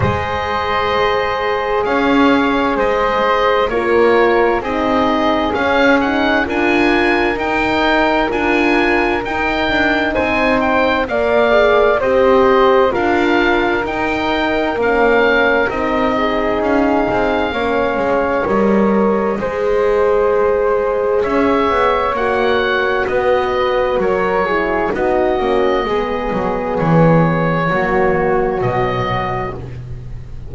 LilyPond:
<<
  \new Staff \with { instrumentName = "oboe" } { \time 4/4 \tempo 4 = 65 dis''2 f''4 dis''4 | cis''4 dis''4 f''8 fis''8 gis''4 | g''4 gis''4 g''4 gis''8 g''8 | f''4 dis''4 f''4 g''4 |
f''4 dis''4 f''2 | dis''2. e''4 | fis''4 dis''4 cis''4 dis''4~ | dis''4 cis''2 dis''4 | }
  \new Staff \with { instrumentName = "flute" } { \time 4/4 c''2 cis''4 c''4 | ais'4 gis'2 ais'4~ | ais'2. c''4 | d''4 c''4 ais'2~ |
ais'4. gis'4. cis''4~ | cis''4 c''2 cis''4~ | cis''4 b'4 ais'8 gis'8 fis'4 | gis'2 fis'2 | }
  \new Staff \with { instrumentName = "horn" } { \time 4/4 gis'1 | f'4 dis'4 cis'8 dis'8 f'4 | dis'4 f'4 dis'2 | ais'8 gis'8 g'4 f'4 dis'4 |
cis'4 dis'2 cis'4 | ais'4 gis'2. | fis'2~ fis'8 e'8 dis'8 cis'8 | b2 ais4 fis4 | }
  \new Staff \with { instrumentName = "double bass" } { \time 4/4 gis2 cis'4 gis4 | ais4 c'4 cis'4 d'4 | dis'4 d'4 dis'8 d'8 c'4 | ais4 c'4 d'4 dis'4 |
ais4 c'4 cis'8 c'8 ais8 gis8 | g4 gis2 cis'8 b8 | ais4 b4 fis4 b8 ais8 | gis8 fis8 e4 fis4 b,4 | }
>>